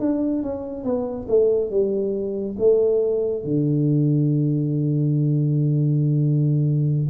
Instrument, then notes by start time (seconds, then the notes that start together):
tuba
0.00 D4
0.43 C#4
0.84 B3
1.29 A3
1.71 G3
2.59 A3
3.44 D3